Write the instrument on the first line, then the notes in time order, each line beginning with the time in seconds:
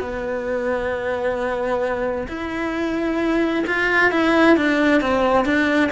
cello
0.00 B3
2.28 E4
3.67 F4
4.12 E4
4.57 D4
5.01 C4
5.45 D4